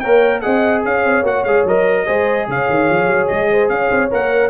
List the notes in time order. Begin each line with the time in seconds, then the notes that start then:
0.00 A#3 A#4 C#5 G5
0.41 C4 G#4 D#5 F#5
0.84 C#4 C#5 F5
1.05 C4
1.23 A#3 F#4 F#5
1.44 G#3 G#4 F5
1.65 F#3 A#4 D#5
2.06 G#3 G#4 C5
2.48 C#3 C#5 F5
2.70 D#3
2.90 F3
3.07 F#3
3.28 G#3 D#5
3.51 C5
3.69 C#4 C#5 F5
3.90 C4
4.10 A#3 A#4 F#5